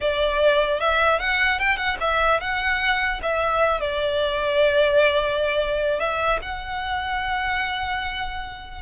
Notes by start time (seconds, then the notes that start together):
0.01 D5
0.80 E5
1.19 F#5
1.59 G5
1.76 F#5
2.00 E5
2.40 F#5
3.22 E5
3.80 D5
5.99 E5
6.41 F#5